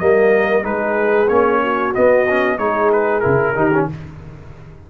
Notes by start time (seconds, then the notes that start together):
0.00 G3 A#3 A#4 D#5
0.63 G#3 D#4 G#4 B4
1.29 A#3 C#4 C#5
1.64 F#4
1.94 B3 D#5
2.30 C#4
2.58 G#3 D#4 G#4 C#5
2.93 B4
3.21 C#3 E4 A#4
3.56 D#3 D#4 G4
3.74 C#4